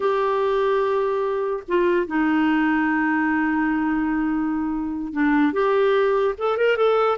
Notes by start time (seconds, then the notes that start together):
0.00 G4
1.68 F4
2.06 D#4
5.12 D4
5.52 G4
6.37 A4
6.57 A#4
6.76 A4